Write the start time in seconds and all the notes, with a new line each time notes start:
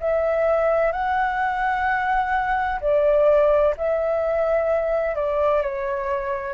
0.00 E5
0.92 F#5
2.81 D5
3.77 E5
5.15 D5
5.62 C#5